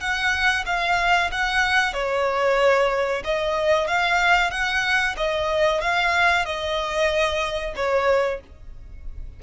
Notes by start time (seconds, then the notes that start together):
0.00 F#5
0.66 F5
1.31 F#5
1.93 C#5
3.24 D#5
3.87 F5
4.50 F#5
5.17 D#5
5.81 F5
6.45 D#5
7.75 C#5